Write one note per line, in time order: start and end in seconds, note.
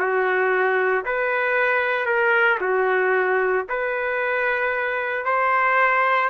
0.00 1.05 F#4
1.06 2.06 B4
2.06 2.59 A#4
2.61 3.67 F#4
3.69 5.25 B4
5.25 6.30 C5